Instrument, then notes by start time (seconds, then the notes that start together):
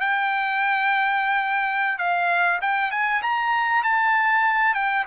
trumpet
0.00 G5
1.98 F5
2.61 G5
2.91 G#5
3.22 A#5
3.83 A5
4.74 G5